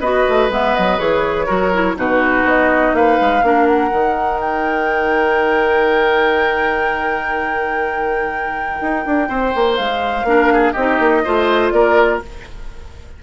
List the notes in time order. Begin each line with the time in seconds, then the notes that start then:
0.00 B3 F#4 B4 D#5
0.29 A3
0.49 G#3 B3 E5
0.76 F#3 D#5
0.99 E3 G#4 C#5
1.46 F#3 F#4 A#4
1.74 E4
1.96 B2 D#4 F#4 B4
2.44 B3 D#5
2.94 A#3 B4 F5
3.21 G#3
3.42 A#3 D4 A#4
3.67 F#5
3.91 D#3 D#4
4.41 G5
8.81 D#4
9.06 D4
9.29 C4 C5
9.55 A#3
9.77 G#3 F5
10.24 A#3 D4 A#4
10.53 G#4
10.73 C4 D#4 G4 D#5
10.99 A#3
11.24 A3 F4 C5
11.71 A#3 A#4 D5